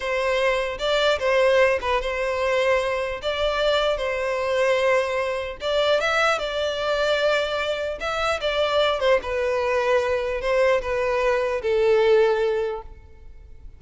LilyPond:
\new Staff \with { instrumentName = "violin" } { \time 4/4 \tempo 4 = 150 c''2 d''4 c''4~ | c''8 b'8 c''2. | d''2 c''2~ | c''2 d''4 e''4 |
d''1 | e''4 d''4. c''8 b'4~ | b'2 c''4 b'4~ | b'4 a'2. | }